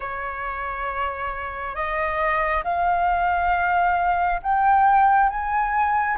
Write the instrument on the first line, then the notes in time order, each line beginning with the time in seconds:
flute
0.00 C#5
1.74 D#5
2.64 F5
4.42 G5
5.29 G#5